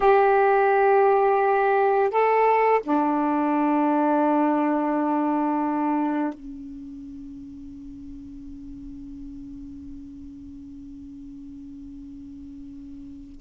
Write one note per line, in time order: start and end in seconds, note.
0.00 2.10 G4
2.10 2.80 A4
2.83 6.33 D4
6.33 13.39 C#4